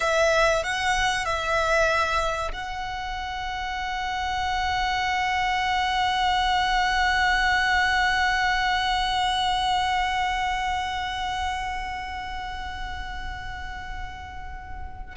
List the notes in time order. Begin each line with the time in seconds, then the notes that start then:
0.00 E5
0.63 F#5
1.25 E5
2.52 F#5